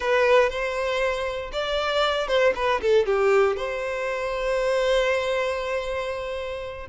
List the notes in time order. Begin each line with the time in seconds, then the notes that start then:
0.00 B4
0.49 C5
1.52 D5
2.27 C5
2.55 B4
2.81 A4
3.05 G4
3.56 C5